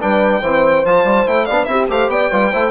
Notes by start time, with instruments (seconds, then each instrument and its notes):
0.00 bassoon G3, trombone D4, horn B4, violin G5
0.41 bassoon E3, trombone C4, horn C5
0.85 bassoon F3, trombone F4, violin A5
1.04 bassoon G3
1.26 bassoon A3, trombone E4, violin G5
1.45 bassoon B3, horn D5, violin F5
1.51 trombone D4
1.64 bassoon C4, trombone E4, horn G4, violin E5
1.89 bassoon A3, trombone G4, horn C5, violin F5
2.07 bassoon B3, horn D5, violin G5
2.30 bassoon G3, trombone F4, horn B4
2.51 bassoon A3, trombone E4, horn C5